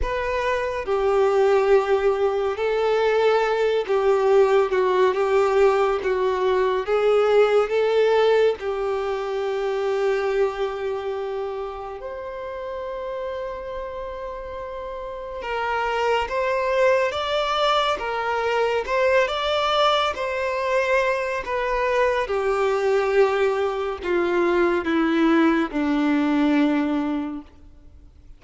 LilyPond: \new Staff \with { instrumentName = "violin" } { \time 4/4 \tempo 4 = 70 b'4 g'2 a'4~ | a'8 g'4 fis'8 g'4 fis'4 | gis'4 a'4 g'2~ | g'2 c''2~ |
c''2 ais'4 c''4 | d''4 ais'4 c''8 d''4 c''8~ | c''4 b'4 g'2 | f'4 e'4 d'2 | }